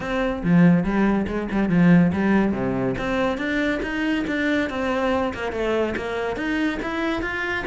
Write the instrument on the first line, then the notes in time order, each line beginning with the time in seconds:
cello
0.00 C4
0.43 F3
0.84 G3
1.27 G#3
1.51 G3
1.69 F3
2.12 G3
2.52 C3
2.97 C4
3.37 D4
3.82 D#4
4.27 D4
4.69 C4
5.34 A#3
5.52 A3
5.96 A#3
6.36 D#4
6.82 E4
7.22 F4